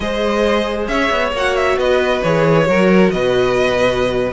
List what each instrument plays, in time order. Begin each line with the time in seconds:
0.00 cello G#3, viola G#4, violin C5 D#5
0.87 cello C#4, violin C#5 E5
1.10 cello B3
1.32 cello A#3, viola F#4, violin F#5
1.56 violin E5
1.77 cello B3, violin B4 D#5
2.22 cello E3, viola G#4, violin C#5
2.65 cello F#3, viola F#4, violin A#4
3.10 cello B2, violin B4 D#5